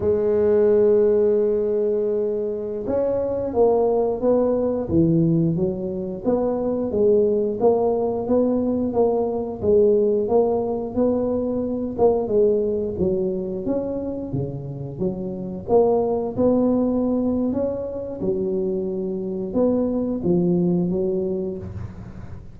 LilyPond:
\new Staff \with { instrumentName = "tuba" } { \time 4/4 \tempo 4 = 89 gis1~ | gis16 cis'4 ais4 b4 e8.~ | e16 fis4 b4 gis4 ais8.~ | ais16 b4 ais4 gis4 ais8.~ |
ais16 b4. ais8 gis4 fis8.~ | fis16 cis'4 cis4 fis4 ais8.~ | ais16 b4.~ b16 cis'4 fis4~ | fis4 b4 f4 fis4 | }